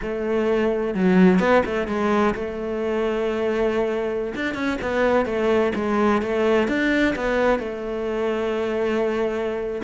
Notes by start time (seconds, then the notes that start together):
0.01 A3
0.94 F#3
1.39 B3
1.65 A3
1.87 G#3
2.34 A3
4.35 D4
4.54 C#4
4.81 B3
5.25 A3
5.75 G#3
6.22 A3
6.68 D4
7.15 B3
7.59 A3